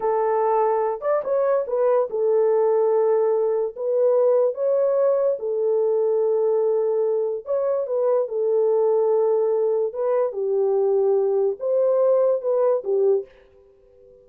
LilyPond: \new Staff \with { instrumentName = "horn" } { \time 4/4 \tempo 4 = 145 a'2~ a'8 d''8 cis''4 | b'4 a'2.~ | a'4 b'2 cis''4~ | cis''4 a'2.~ |
a'2 cis''4 b'4 | a'1 | b'4 g'2. | c''2 b'4 g'4 | }